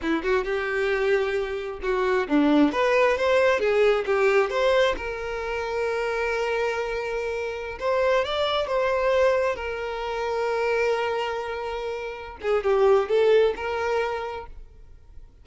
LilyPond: \new Staff \with { instrumentName = "violin" } { \time 4/4 \tempo 4 = 133 e'8 fis'8 g'2. | fis'4 d'4 b'4 c''4 | gis'4 g'4 c''4 ais'4~ | ais'1~ |
ais'4~ ais'16 c''4 d''4 c''8.~ | c''4~ c''16 ais'2~ ais'8.~ | ais'2.~ ais'8 gis'8 | g'4 a'4 ais'2 | }